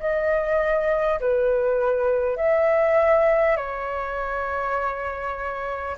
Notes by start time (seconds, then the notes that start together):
0.00 D#5
1.20 B4
2.36 E5
3.57 C#5